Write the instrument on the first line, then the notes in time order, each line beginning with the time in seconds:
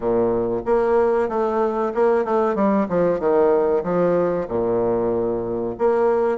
bassoon
0.00 A#2
0.65 A#3
1.28 A3
1.94 A#3
2.24 A3
2.55 G3
2.88 F3
3.19 D#3
3.83 F3
4.48 A#2
5.78 A#3